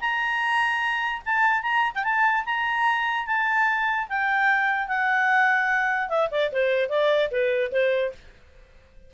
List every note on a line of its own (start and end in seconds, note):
0.00 1.22 A#5
1.25 1.62 A5
1.62 1.92 A#5
1.94 2.04 G5
2.04 2.44 A5
2.45 3.26 A#5
3.26 4.07 A5
4.09 4.87 G5
4.87 6.08 F#5
6.08 6.29 E5
6.31 6.51 D5
6.52 6.89 C5
6.89 7.29 D5
7.31 7.71 B4
7.72 8.12 C5